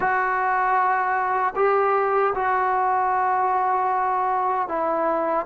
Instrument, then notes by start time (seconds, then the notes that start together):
trombone
0.00 F#4
1.55 G4
2.34 F#4
4.68 E4